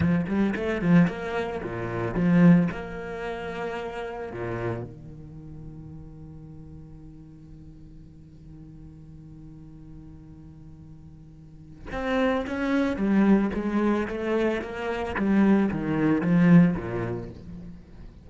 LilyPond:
\new Staff \with { instrumentName = "cello" } { \time 4/4 \tempo 4 = 111 f8 g8 a8 f8 ais4 ais,4 | f4 ais2. | ais,4 dis2.~ | dis1~ |
dis1~ | dis2 c'4 cis'4 | g4 gis4 a4 ais4 | g4 dis4 f4 ais,4 | }